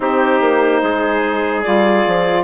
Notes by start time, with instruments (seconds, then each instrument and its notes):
0.00 bassoon C4, saxophone D#4, trumpet G4, clarinet C5
0.40 bassoon A#3
0.82 bassoon G#3, trumpet G#4
1.62 bassoon G3, saxophone F4, clarinet D5
2.06 bassoon F3